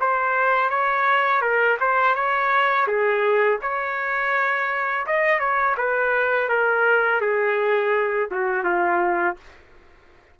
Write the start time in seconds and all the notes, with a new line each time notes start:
0.00 C5
0.69 C#5
1.41 A#4
1.80 C5
2.15 C#5
2.87 G#4
3.61 C#5
5.06 D#5
5.39 C#5
5.77 B4
6.49 A#4
7.21 G#4
8.31 F#4
8.64 F4